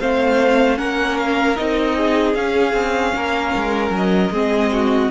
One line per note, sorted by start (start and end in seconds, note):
0.00 0.79 A3
0.00 0.77 C4
0.00 0.78 C5
0.00 0.78 F5
0.77 1.58 A#3
0.77 1.56 C#4
0.77 1.96 A#4
0.77 1.18 F#5
1.18 1.57 F5
1.57 2.34 C4
1.57 2.35 D#4
1.57 2.35 D#5
1.96 3.14 G#4
2.34 2.73 C#4
2.34 4.32 C#4
2.34 3.93 F5
2.73 3.13 C4
3.15 3.55 A#3
3.15 4.33 A#4
3.56 3.90 G#3
3.90 4.30 F#3
3.97 5.11 D#5
4.31 5.10 G#3
4.31 5.11 C4
4.31 4.72 G#4
4.73 5.11 F#4